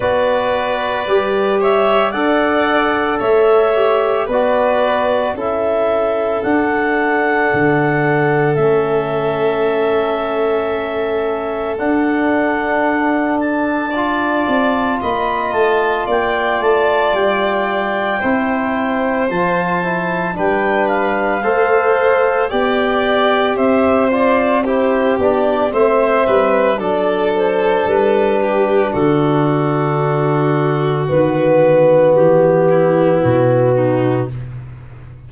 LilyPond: <<
  \new Staff \with { instrumentName = "clarinet" } { \time 4/4 \tempo 4 = 56 d''4. e''8 fis''4 e''4 | d''4 e''4 fis''2 | e''2. fis''4~ | fis''8 a''4. b''8 a''8 g''8 a''8 |
g''2 a''4 g''8 f''8~ | f''4 g''4 e''8 d''8 c''8 d''8 | e''4 d''8 c''8 b'4 a'4~ | a'4 b'4 g'4 fis'4 | }
  \new Staff \with { instrumentName = "violin" } { \time 4/4 b'4. cis''8 d''4 cis''4 | b'4 a'2.~ | a'1~ | a'4 d''4 dis''4 d''4~ |
d''4 c''2 b'4 | c''4 d''4 c''4 g'4 | c''8 b'8 a'4. g'8 fis'4~ | fis'2~ fis'8 e'4 dis'8 | }
  \new Staff \with { instrumentName = "trombone" } { \time 4/4 fis'4 g'4 a'4. g'8 | fis'4 e'4 d'2 | cis'2. d'4~ | d'4 f'2.~ |
f'4 e'4 f'8 e'8 d'4 | a'4 g'4. f'8 e'8 d'8 | c'4 d'2.~ | d'4 b2. | }
  \new Staff \with { instrumentName = "tuba" } { \time 4/4 b4 g4 d'4 a4 | b4 cis'4 d'4 d4 | a2. d'4~ | d'4. c'8 ais8 a8 ais8 a8 |
g4 c'4 f4 g4 | a4 b4 c'4. b8 | a8 g8 fis4 g4 d4~ | d4 dis4 e4 b,4 | }
>>